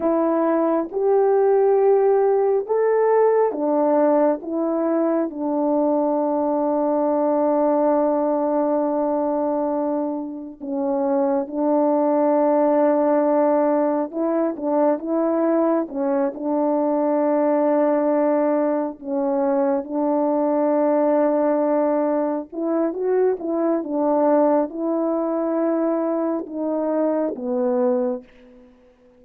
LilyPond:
\new Staff \with { instrumentName = "horn" } { \time 4/4 \tempo 4 = 68 e'4 g'2 a'4 | d'4 e'4 d'2~ | d'1 | cis'4 d'2. |
e'8 d'8 e'4 cis'8 d'4.~ | d'4. cis'4 d'4.~ | d'4. e'8 fis'8 e'8 d'4 | e'2 dis'4 b4 | }